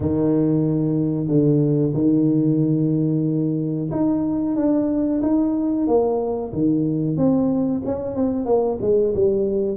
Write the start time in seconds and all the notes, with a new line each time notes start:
0.00 D#3
1.27 D3
1.94 D#3
3.91 D#4
4.55 D4
5.22 D#4
5.87 A#3
6.52 D#3
7.17 C4
7.85 C#4
8.15 C4
8.45 A#3
8.81 G#3
9.14 G3